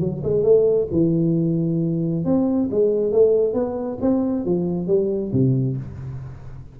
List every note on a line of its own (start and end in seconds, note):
0.00 0.22 F#3
0.24 0.43 G#3
0.43 0.87 A3
0.92 2.25 E3
2.25 2.69 C4
2.71 3.12 G#3
3.12 3.54 A3
3.54 3.98 B3
4.01 4.45 C4
4.45 4.87 F3
4.87 5.32 G3
5.32 5.77 C3